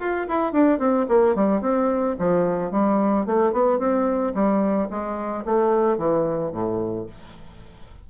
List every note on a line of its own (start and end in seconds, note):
0.00 0.27 F4
0.28 0.53 E4
0.53 0.79 D4
0.79 1.06 C4
1.09 1.35 A#3
1.35 1.61 G3
1.61 2.16 C4
2.19 2.72 F3
2.72 3.26 G3
3.26 3.53 A3
3.53 3.79 B3
3.79 4.34 C4
4.35 4.89 G3
4.90 5.45 G#3
5.45 5.98 A3
5.98 6.52 E3
6.52 7.07 A2